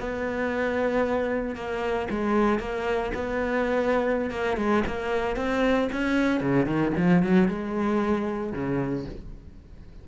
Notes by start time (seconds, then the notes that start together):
0.00 B3
1.56 A#3
2.10 G#3
2.60 A#3
3.14 B3
4.31 A#3
4.57 G#3
4.87 A#3
5.36 C4
5.93 C#4
6.41 C#3
6.66 D#3
6.97 F3
7.23 F#3
7.48 G#3
8.53 C#3